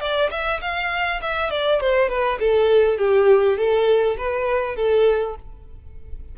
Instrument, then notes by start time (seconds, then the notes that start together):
violin
0.00 D5
0.30 E5
0.61 F5
1.21 E5
1.50 D5
1.80 C5
2.09 B4
2.40 A4
2.98 G4
3.57 A4
4.17 B4
4.76 A4